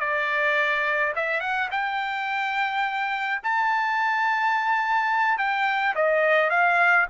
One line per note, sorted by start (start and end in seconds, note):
0.00 1.13 D5
1.16 1.40 E5
1.40 1.69 F#5
1.71 3.41 G5
3.43 5.38 A5
5.38 5.95 G5
5.95 6.50 D#5
6.50 7.07 F5